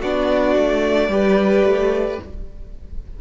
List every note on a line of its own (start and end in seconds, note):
0.00 0.55 B3
0.00 1.10 D4
0.00 1.09 F#4
0.00 2.20 D5
0.55 1.08 A3
1.08 1.62 G3
1.08 2.19 G4
1.08 2.21 B4
1.64 2.18 A3